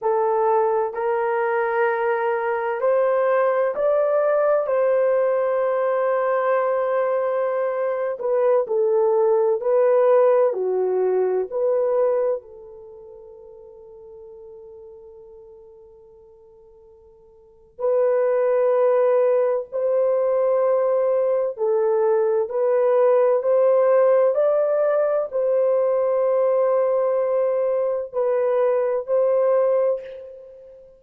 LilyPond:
\new Staff \with { instrumentName = "horn" } { \time 4/4 \tempo 4 = 64 a'4 ais'2 c''4 | d''4 c''2.~ | c''8. b'8 a'4 b'4 fis'8.~ | fis'16 b'4 a'2~ a'8.~ |
a'2. b'4~ | b'4 c''2 a'4 | b'4 c''4 d''4 c''4~ | c''2 b'4 c''4 | }